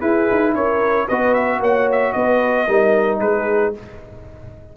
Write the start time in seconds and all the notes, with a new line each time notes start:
0.00 E4 G#4 B4
0.31 D#4
0.54 C#4 A#4 C#5
1.06 B3 F#4 B4 D#5
1.34 E5
1.60 A#3 C#5 F#5
1.91 E5
2.12 B3 B4 D#5
2.67 G3 D#4 A#4
3.20 G#3 G#4 B4